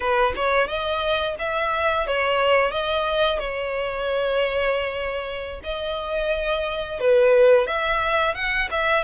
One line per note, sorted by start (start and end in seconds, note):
0.00 0.33 B4
0.36 0.67 C#5
0.67 1.35 D#5
1.38 2.06 E5
2.06 2.71 C#5
2.71 3.39 D#5
3.39 5.61 C#5
5.63 6.99 D#5
7.00 7.66 B4
7.66 8.34 E5
8.34 8.68 F#5
8.71 9.03 E5